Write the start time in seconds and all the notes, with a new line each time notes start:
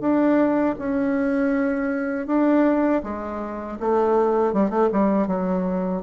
0.00 D4
0.79 C#4
2.27 D4
3.03 G#3
3.80 A3
4.53 G3
4.69 A3
4.92 G3
5.27 F#3